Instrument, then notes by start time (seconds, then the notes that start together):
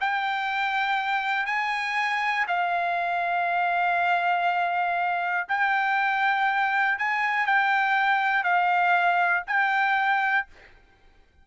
trumpet
0.00 G5
1.46 G#5
2.47 F5
5.48 G5
6.98 G#5
7.46 G5
8.44 F5
9.47 G5